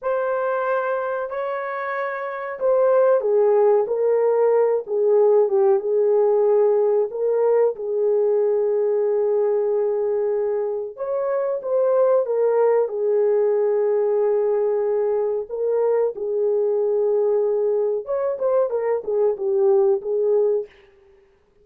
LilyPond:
\new Staff \with { instrumentName = "horn" } { \time 4/4 \tempo 4 = 93 c''2 cis''2 | c''4 gis'4 ais'4. gis'8~ | gis'8 g'8 gis'2 ais'4 | gis'1~ |
gis'4 cis''4 c''4 ais'4 | gis'1 | ais'4 gis'2. | cis''8 c''8 ais'8 gis'8 g'4 gis'4 | }